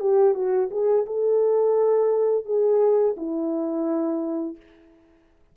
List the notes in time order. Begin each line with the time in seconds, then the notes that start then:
0.00 G4
0.35 F#4
0.71 G#4
1.06 A4
2.45 G#4
3.17 E4